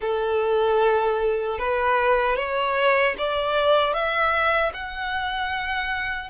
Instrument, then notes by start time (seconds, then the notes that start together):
violin
0.01 A4
1.58 B4
2.36 C#5
3.18 D5
3.93 E5
4.73 F#5